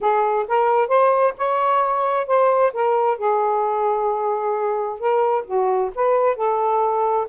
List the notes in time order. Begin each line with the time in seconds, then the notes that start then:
0.00 G#4
0.48 A#4
0.88 C5
1.37 C#5
2.26 C5
2.73 A#4
3.18 G#4
4.99 A#4
5.45 F#4
5.95 B4
6.36 A4